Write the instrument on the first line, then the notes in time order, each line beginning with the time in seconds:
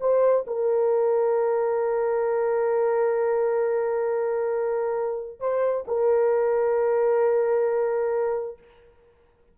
horn
0.00 C5
0.47 A#4
5.40 C5
5.87 A#4